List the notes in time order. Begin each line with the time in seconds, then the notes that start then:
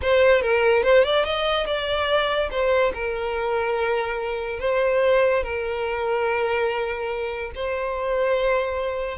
0.02 C5
0.41 A#4
0.83 C5
1.03 D5
1.24 D#5
1.66 D5
2.50 C5
2.94 A#4
4.59 C5
5.43 A#4
7.55 C5